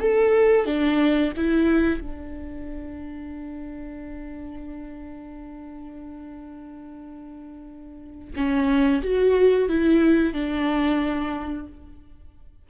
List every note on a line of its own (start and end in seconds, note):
0.00 0.66 A4
0.66 1.32 D4
1.37 2.01 E4
2.01 8.34 D4
8.36 9.02 C#4
9.03 9.68 F#4
9.68 10.34 E4
10.34 11.67 D4